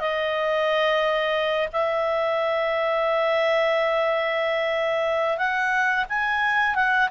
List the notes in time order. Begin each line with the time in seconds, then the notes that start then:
0.00 D#5
1.73 E5
5.38 F#5
6.09 G#5
6.75 F#5